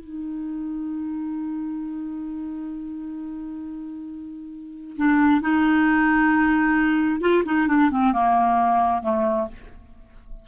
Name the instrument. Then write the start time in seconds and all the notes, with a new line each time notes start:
clarinet
0.00 D#4
4.97 D4
5.41 D#4
7.21 F4
7.45 D#4
7.68 D4
7.91 C4
8.13 A#3
9.02 A3